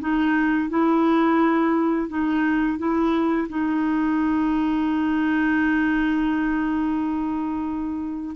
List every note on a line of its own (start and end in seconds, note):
0.00 0.69 D#4
0.69 2.09 E4
2.09 2.78 D#4
2.78 3.48 E4
3.49 8.35 D#4